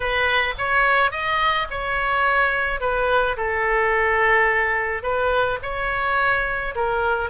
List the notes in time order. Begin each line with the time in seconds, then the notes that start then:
0.00 B4
0.58 C#5
1.11 D#5
1.70 C#5
2.80 B4
3.36 A4
5.02 B4
5.62 C#5
6.75 A#4